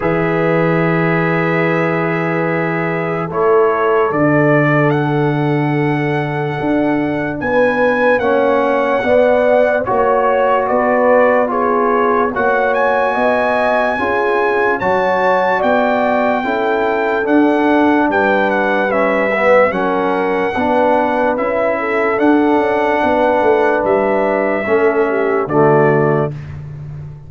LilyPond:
<<
  \new Staff \with { instrumentName = "trumpet" } { \time 4/4 \tempo 4 = 73 e''1 | cis''4 d''4 fis''2~ | fis''4 gis''4 fis''2 | cis''4 d''4 cis''4 fis''8 gis''8~ |
gis''2 a''4 g''4~ | g''4 fis''4 g''8 fis''8 e''4 | fis''2 e''4 fis''4~ | fis''4 e''2 d''4 | }
  \new Staff \with { instrumentName = "horn" } { \time 4/4 b'1 | a'1~ | a'4 b'4 cis''4 d''4 | cis''4 b'4 gis'4 cis''4 |
dis''4 gis'4 cis''4 d''4 | a'2 b'2 | ais'4 b'4. a'4. | b'2 a'8 g'8 fis'4 | }
  \new Staff \with { instrumentName = "trombone" } { \time 4/4 gis'1 | e'4 d'2.~ | d'2 cis'4 b4 | fis'2 f'4 fis'4~ |
fis'4 f'4 fis'2 | e'4 d'2 cis'8 b8 | cis'4 d'4 e'4 d'4~ | d'2 cis'4 a4 | }
  \new Staff \with { instrumentName = "tuba" } { \time 4/4 e1 | a4 d2. | d'4 b4 ais4 b4 | ais4 b2 ais4 |
b4 cis'4 fis4 b4 | cis'4 d'4 g2 | fis4 b4 cis'4 d'8 cis'8 | b8 a8 g4 a4 d4 | }
>>